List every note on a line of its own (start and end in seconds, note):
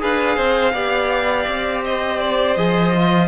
0.00 0.37 D4
0.00 0.73 G#4
0.00 0.36 B4
0.00 1.85 F5
0.36 0.74 C4
0.36 0.73 C5
0.74 1.47 B3
0.74 2.57 G4
0.74 1.84 D5
1.48 2.57 C4
1.84 3.29 C5
1.84 2.20 D#5
2.20 2.57 D5
2.57 3.29 F3
2.57 2.94 G#4
2.57 3.29 D#5
2.95 3.29 F4